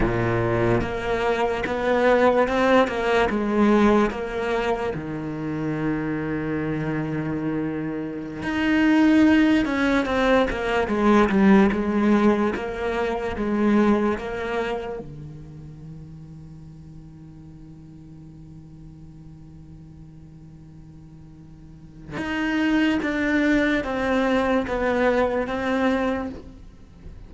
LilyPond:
\new Staff \with { instrumentName = "cello" } { \time 4/4 \tempo 4 = 73 ais,4 ais4 b4 c'8 ais8 | gis4 ais4 dis2~ | dis2~ dis16 dis'4. cis'16~ | cis'16 c'8 ais8 gis8 g8 gis4 ais8.~ |
ais16 gis4 ais4 dis4.~ dis16~ | dis1~ | dis2. dis'4 | d'4 c'4 b4 c'4 | }